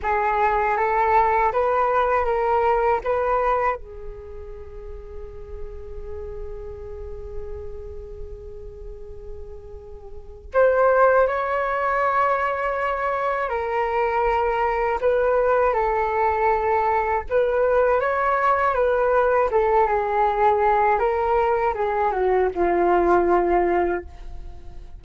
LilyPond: \new Staff \with { instrumentName = "flute" } { \time 4/4 \tempo 4 = 80 gis'4 a'4 b'4 ais'4 | b'4 gis'2.~ | gis'1~ | gis'2 c''4 cis''4~ |
cis''2 ais'2 | b'4 a'2 b'4 | cis''4 b'4 a'8 gis'4. | ais'4 gis'8 fis'8 f'2 | }